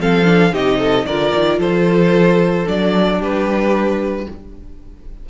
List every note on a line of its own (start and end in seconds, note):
0.00 0.52 F3
0.00 0.24 C4
0.00 0.53 A4
0.00 0.54 F5
0.24 0.51 D4
0.52 1.05 C3
0.52 1.05 D#4
0.52 0.79 G4
0.52 1.06 D#5
0.79 1.05 A4
1.06 1.33 D3
1.06 2.65 F4
1.06 1.59 A#4
1.06 1.59 D5
1.34 1.59 D#3
1.59 2.66 F3
1.59 3.18 A4
1.59 2.68 C5
2.65 3.19 F#3
2.65 4.26 D4
2.65 3.22 D5
3.18 4.26 G3
3.18 4.25 G4
3.18 4.29 B4